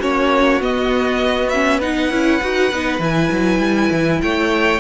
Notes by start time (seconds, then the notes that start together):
0.00 A#3 C#4 F#4 C#5
0.61 B3 D#5
1.49 C#4 E5
1.78 D#4 B4 F#5
2.10 C#4 E4
2.42 D#4 F#4
2.72 B3 D#4
2.99 E3 E4 G#5
3.31 F#3
3.59 G3
3.91 E3
4.21 A3 C#5 G5